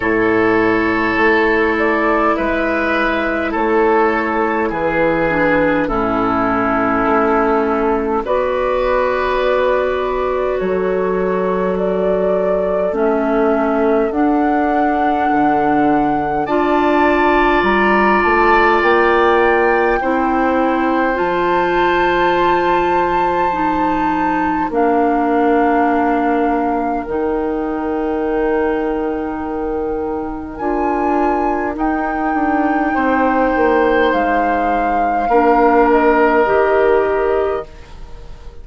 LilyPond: <<
  \new Staff \with { instrumentName = "flute" } { \time 4/4 \tempo 4 = 51 cis''4. d''8 e''4 cis''4 | b'4 a'2 d''4~ | d''4 cis''4 d''4 e''4 | fis''2 a''4 ais''8 a''8 |
g''2 a''2~ | a''4 f''2 g''4~ | g''2 gis''4 g''4~ | g''4 f''4. dis''4. | }
  \new Staff \with { instrumentName = "oboe" } { \time 4/4 a'2 b'4 a'4 | gis'4 e'2 b'4~ | b'4 a'2.~ | a'2 d''2~ |
d''4 c''2.~ | c''4 ais'2.~ | ais'1 | c''2 ais'2 | }
  \new Staff \with { instrumentName = "clarinet" } { \time 4/4 e'1~ | e'8 d'8 cis'2 fis'4~ | fis'2. cis'4 | d'2 f'2~ |
f'4 e'4 f'2 | dis'4 d'2 dis'4~ | dis'2 f'4 dis'4~ | dis'2 d'4 g'4 | }
  \new Staff \with { instrumentName = "bassoon" } { \time 4/4 a,4 a4 gis4 a4 | e4 a,4 a4 b4~ | b4 fis2 a4 | d'4 d4 d'4 g8 a8 |
ais4 c'4 f2~ | f4 ais2 dis4~ | dis2 d'4 dis'8 d'8 | c'8 ais8 gis4 ais4 dis4 | }
>>